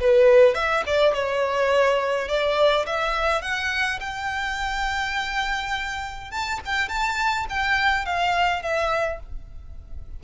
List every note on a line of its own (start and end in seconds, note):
0.00 0.55 B4
0.55 0.83 E5
0.86 1.14 D5
1.14 2.28 C#5
2.28 2.86 D5
2.86 3.42 E5
3.42 3.99 F#5
4.00 6.31 G5
6.31 6.60 A5
6.65 6.89 G5
6.89 7.46 A5
7.49 8.05 G5
8.05 8.62 F5
8.62 9.20 E5